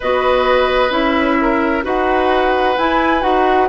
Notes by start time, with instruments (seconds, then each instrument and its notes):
0.00 bassoon B3, clarinet F#4, oboe B4, flute D#5
0.90 bassoon C#4, clarinet E4, flute E5
1.41 oboe A#4
1.82 bassoon D#4, clarinet F#4, oboe B4, flute F#5
2.77 bassoon E4, clarinet E4, flute G#5
3.21 bassoon D#4, clarinet F#4, flute F#5